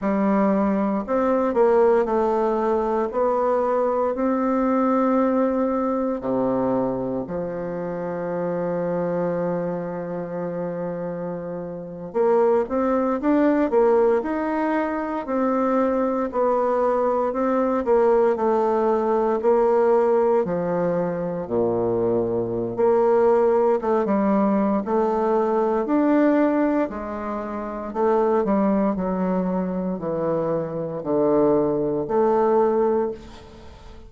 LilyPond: \new Staff \with { instrumentName = "bassoon" } { \time 4/4 \tempo 4 = 58 g4 c'8 ais8 a4 b4 | c'2 c4 f4~ | f2.~ f8. ais16~ | ais16 c'8 d'8 ais8 dis'4 c'4 b16~ |
b8. c'8 ais8 a4 ais4 f16~ | f8. ais,4~ ais,16 ais4 a16 g8. | a4 d'4 gis4 a8 g8 | fis4 e4 d4 a4 | }